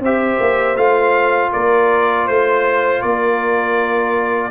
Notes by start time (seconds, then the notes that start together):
0.00 C4 G4 C5 E5
0.40 A#3
0.76 A3 F4 F5
1.52 A#3 A#4 D5
2.26 A3 C5
3.02 A#3 A#4 D5